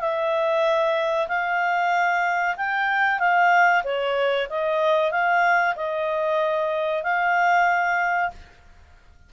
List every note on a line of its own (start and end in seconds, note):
0.00 1.28 E5
1.28 2.56 F5
2.57 3.19 G5
3.19 3.83 F5
3.84 4.48 C#5
4.50 5.12 D#5
5.12 5.75 F5
5.76 7.04 D#5
7.04 8.31 F5